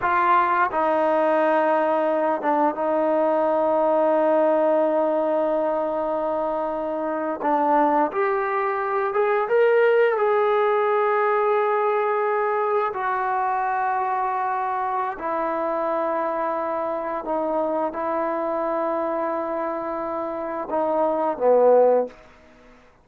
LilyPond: \new Staff \with { instrumentName = "trombone" } { \time 4/4 \tempo 4 = 87 f'4 dis'2~ dis'8 d'8 | dis'1~ | dis'2~ dis'8. d'4 g'16~ | g'4~ g'16 gis'8 ais'4 gis'4~ gis'16~ |
gis'2~ gis'8. fis'4~ fis'16~ | fis'2 e'2~ | e'4 dis'4 e'2~ | e'2 dis'4 b4 | }